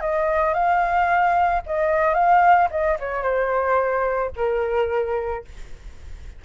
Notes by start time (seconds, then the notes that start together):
0.00 D#5
0.54 F5
1.66 D#5
2.14 F5
2.70 D#5
2.99 C#5
3.22 C5
4.36 A#4